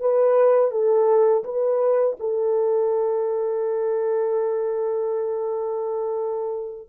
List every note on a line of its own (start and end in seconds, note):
0.00 0.71 B4
0.71 1.43 A4
1.44 2.16 B4
2.19 6.88 A4